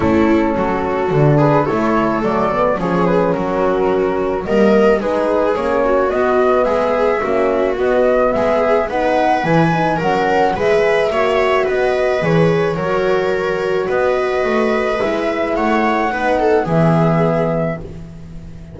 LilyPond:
<<
  \new Staff \with { instrumentName = "flute" } { \time 4/4 \tempo 4 = 108 a'2~ a'8 b'8 cis''4 | d''4 cis''8 b'8 ais'2 | dis''4 b'4 cis''4 dis''4 | e''2 dis''4 e''4 |
fis''4 gis''4 fis''4 e''4~ | e''4 dis''4 cis''2~ | cis''4 dis''2 e''4 | fis''2 e''2 | }
  \new Staff \with { instrumentName = "viola" } { \time 4/4 e'4 fis'4. gis'8 a'4~ | a'4 gis'4 fis'2 | ais'4 gis'4. fis'4. | gis'4 fis'2 gis'4 |
b'2 ais'4 b'4 | cis''4 b'2 ais'4~ | ais'4 b'2. | cis''4 b'8 a'8 gis'2 | }
  \new Staff \with { instrumentName = "horn" } { \time 4/4 cis'2 d'4 e'4 | a8 b8 cis'2. | ais4 dis'4 cis'4 b4~ | b4 cis'4 b2 |
dis'4 e'8 dis'8 cis'4 gis'4 | fis'2 gis'4 fis'4~ | fis'2. e'4~ | e'4 dis'4 b2 | }
  \new Staff \with { instrumentName = "double bass" } { \time 4/4 a4 fis4 d4 a4 | fis4 f4 fis2 | g4 gis4 ais4 b4 | gis4 ais4 b4 gis4 |
b4 e4 fis4 gis4 | ais4 b4 e4 fis4~ | fis4 b4 a4 gis4 | a4 b4 e2 | }
>>